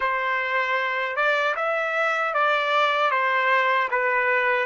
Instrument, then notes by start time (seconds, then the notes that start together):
trumpet
0.00 C5
1.15 D5
1.56 E5
2.33 D5
3.10 C5
3.90 B4